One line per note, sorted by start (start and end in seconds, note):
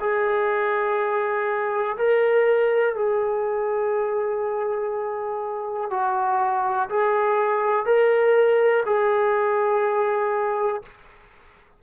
0.00 1.97 G#4
1.97 2.95 A#4
2.95 5.90 G#4
5.90 6.89 F#4
6.89 7.86 G#4
7.86 8.84 A#4
8.86 10.82 G#4